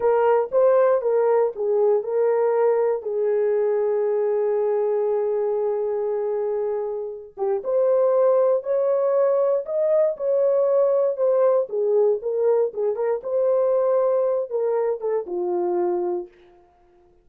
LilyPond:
\new Staff \with { instrumentName = "horn" } { \time 4/4 \tempo 4 = 118 ais'4 c''4 ais'4 gis'4 | ais'2 gis'2~ | gis'1~ | gis'2~ gis'8 g'8 c''4~ |
c''4 cis''2 dis''4 | cis''2 c''4 gis'4 | ais'4 gis'8 ais'8 c''2~ | c''8 ais'4 a'8 f'2 | }